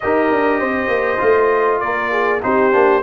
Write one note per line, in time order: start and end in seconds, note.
0.00 0.31 D#4
0.00 1.17 G4
0.00 0.59 A#4
0.00 1.80 D#5
0.31 0.60 D4
0.59 0.88 C4
0.59 1.81 C5
0.88 1.18 A#3
1.17 1.82 A3
1.17 2.38 F4
1.80 2.42 A#3
1.80 2.11 A#4
1.80 2.40 D5
2.11 2.42 G#4
2.42 2.73 C4
2.42 2.71 D#4
2.42 3.02 G4
2.42 3.02 C5
2.71 3.02 A#3
2.71 3.02 D4